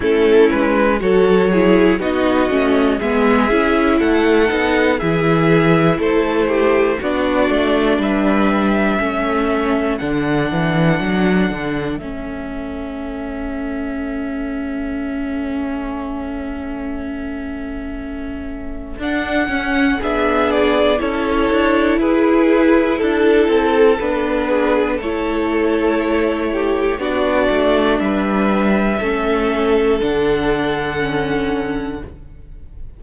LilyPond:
<<
  \new Staff \with { instrumentName = "violin" } { \time 4/4 \tempo 4 = 60 a'8 b'8 cis''4 dis''4 e''4 | fis''4 e''4 c''4 d''4 | e''2 fis''2 | e''1~ |
e''2. fis''4 | e''8 d''8 cis''4 b'4 a'4 | b'4 cis''2 d''4 | e''2 fis''2 | }
  \new Staff \with { instrumentName = "violin" } { \time 4/4 e'4 a'8 gis'8 fis'4 gis'4 | a'4 gis'4 a'8 g'8 fis'4 | b'4 a'2.~ | a'1~ |
a'1 | gis'4 a'4 gis'4 a'4~ | a'8 gis'8 a'4. g'8 fis'4 | b'4 a'2. | }
  \new Staff \with { instrumentName = "viola" } { \time 4/4 cis'4 fis'8 e'8 dis'8 cis'8 b8 e'8~ | e'8 dis'8 e'2 d'4~ | d'4 cis'4 d'2 | cis'1~ |
cis'2. d'8 cis'8 | d'4 e'2. | d'4 e'2 d'4~ | d'4 cis'4 d'4 cis'4 | }
  \new Staff \with { instrumentName = "cello" } { \time 4/4 a8 gis8 fis4 b8 a8 gis8 cis'8 | a8 b8 e4 a4 b8 a8 | g4 a4 d8 e8 fis8 d8 | a1~ |
a2. d'8 cis'8 | b4 cis'8 d'8 e'4 d'8 c'8 | b4 a2 b8 a8 | g4 a4 d2 | }
>>